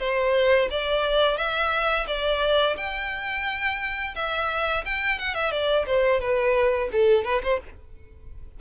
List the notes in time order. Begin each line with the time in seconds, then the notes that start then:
0.00 C5
0.71 D5
1.38 E5
2.08 D5
2.77 G5
4.16 E5
4.85 G5
5.19 F#5
5.35 E5
5.51 D5
5.87 C5
6.20 B4
6.92 A4
7.25 B4
7.43 C5